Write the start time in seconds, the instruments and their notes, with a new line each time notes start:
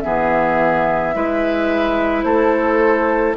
0.00 bassoon E3, clarinet B3, oboe G#4, flute E5
1.13 bassoon G#3, clarinet E4, oboe B4
2.23 bassoon A3, oboe A4, flute C5